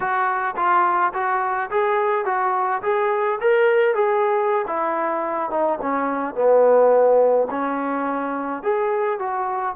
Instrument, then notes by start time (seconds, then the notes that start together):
trombone
0.00 F#4
0.56 F4
1.13 F#4
1.70 G#4
2.25 F#4
2.82 G#4
3.40 A#4
3.94 G#4
4.67 E4
5.50 D#4
5.81 C#4
6.34 B3
7.50 C#4
8.62 G#4
9.19 F#4